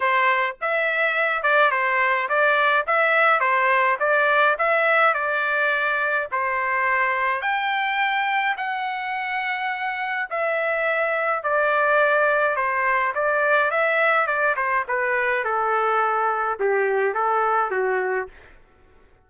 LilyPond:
\new Staff \with { instrumentName = "trumpet" } { \time 4/4 \tempo 4 = 105 c''4 e''4. d''8 c''4 | d''4 e''4 c''4 d''4 | e''4 d''2 c''4~ | c''4 g''2 fis''4~ |
fis''2 e''2 | d''2 c''4 d''4 | e''4 d''8 c''8 b'4 a'4~ | a'4 g'4 a'4 fis'4 | }